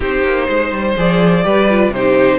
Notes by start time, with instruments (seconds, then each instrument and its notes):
0.00 cello C4, viola D#4, violin G4 C5
0.23 cello A#3
0.48 cello G#3, violin C5
0.71 cello G3
0.96 cello F3, viola G#4, violin D5
1.43 cello G3, viola G4, violin B4
1.70 viola F4
1.89 cello C3, violin C5
1.96 viola D#4, violin G4